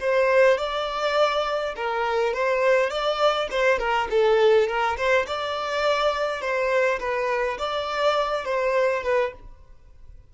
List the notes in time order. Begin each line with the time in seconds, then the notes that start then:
0.00 C5
0.57 D5
1.76 A#4
2.33 C5
2.90 D5
3.51 C5
3.79 A#4
4.10 A4
4.68 A#4
4.97 C5
5.27 D5
6.41 C5
6.99 B4
7.58 D5
8.45 C5
9.03 B4